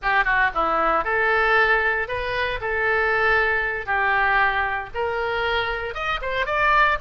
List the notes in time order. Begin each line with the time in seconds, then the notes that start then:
0.02 G4
0.24 F#4
0.54 E4
1.04 A4
2.07 B4
2.61 A4
3.86 G4
4.94 A#4
5.94 D#5
6.21 C5
6.46 D5